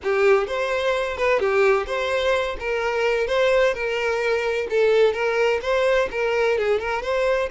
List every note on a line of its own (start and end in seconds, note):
0.03 0.47 G4
0.47 1.17 C5
1.17 1.39 B4
1.39 1.86 G4
1.86 2.56 C5
2.59 3.27 A#4
3.27 3.74 C5
3.74 4.67 A#4
4.70 5.13 A4
5.13 5.60 A#4
5.62 6.09 C5
6.11 6.58 A#4
6.58 6.79 G#4
6.79 7.02 A#4
7.02 7.49 C5